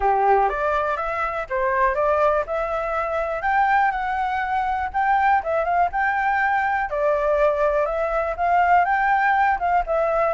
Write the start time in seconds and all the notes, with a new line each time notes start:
0.00 G4
0.49 D5
0.96 E5
1.49 C5
1.94 D5
2.46 E5
3.42 G5
3.91 F#5
4.93 G5
5.43 E5
5.64 F5
5.92 G5
6.90 D5
7.85 E5
8.37 F5
8.84 G5
9.59 F5
9.86 E5